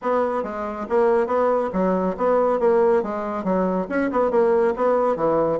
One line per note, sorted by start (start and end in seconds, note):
0.02 0.43 B3
0.43 0.86 G#3
0.89 1.26 A#3
1.26 1.70 B3
1.72 2.16 F#3
2.17 2.59 B3
2.59 3.02 A#3
3.02 3.43 G#3
3.43 3.87 F#3
3.89 4.10 C#4
4.11 4.30 B3
4.30 4.74 A#3
4.76 5.16 B3
5.16 5.59 E3